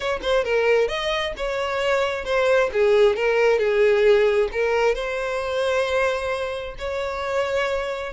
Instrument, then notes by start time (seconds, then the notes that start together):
violin
0.00 C#5
0.22 C5
0.44 A#4
0.88 D#5
1.36 C#5
2.25 C5
2.73 G#4
3.16 A#4
3.58 G#4
4.52 A#4
4.94 C5
6.78 C#5